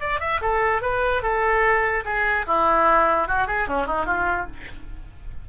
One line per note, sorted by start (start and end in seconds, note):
0.00 0.20 D5
0.20 0.41 E5
0.41 0.82 A4
0.82 1.22 B4
1.22 2.04 A4
2.05 2.46 G#4
2.47 3.27 E4
3.27 3.47 F#4
3.47 3.68 G#4
3.68 3.87 C#4
3.87 4.06 D#4
4.06 4.47 F4